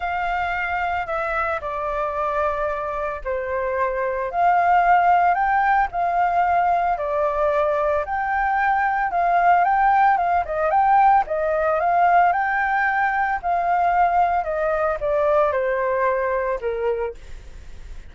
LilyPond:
\new Staff \with { instrumentName = "flute" } { \time 4/4 \tempo 4 = 112 f''2 e''4 d''4~ | d''2 c''2 | f''2 g''4 f''4~ | f''4 d''2 g''4~ |
g''4 f''4 g''4 f''8 dis''8 | g''4 dis''4 f''4 g''4~ | g''4 f''2 dis''4 | d''4 c''2 ais'4 | }